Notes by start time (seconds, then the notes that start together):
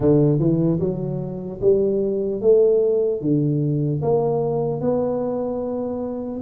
0.00 D3
0.39 E3
0.80 F#3
1.61 G3
2.41 A3
3.21 D3
4.02 A#3
4.80 B3